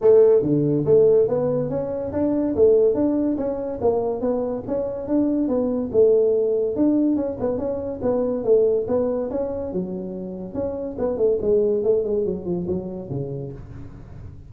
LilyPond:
\new Staff \with { instrumentName = "tuba" } { \time 4/4 \tempo 4 = 142 a4 d4 a4 b4 | cis'4 d'4 a4 d'4 | cis'4 ais4 b4 cis'4 | d'4 b4 a2 |
d'4 cis'8 b8 cis'4 b4 | a4 b4 cis'4 fis4~ | fis4 cis'4 b8 a8 gis4 | a8 gis8 fis8 f8 fis4 cis4 | }